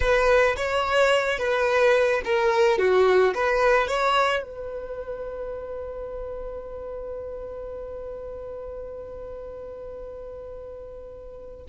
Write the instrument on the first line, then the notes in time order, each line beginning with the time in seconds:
violin
0.00 B4
0.56 C#5
1.38 B4
2.24 A#4
2.78 F#4
3.34 B4
3.87 C#5
4.42 B4